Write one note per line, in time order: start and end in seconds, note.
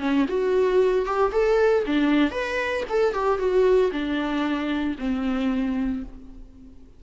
0.00 0.26 C#4
0.29 1.06 F#4
1.06 1.32 G4
1.32 1.84 A4
1.86 2.31 D4
2.31 2.83 B4
2.90 3.14 A4
3.14 3.39 G4
3.39 3.91 F#4
3.92 4.96 D4
4.99 6.03 C4